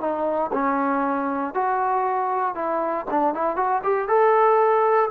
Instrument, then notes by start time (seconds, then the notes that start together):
trombone
0.00 D#4
0.52 C#4
1.54 F#4
2.54 E4
3.10 D4
3.34 E4
3.56 F#4
3.83 G4
4.08 A4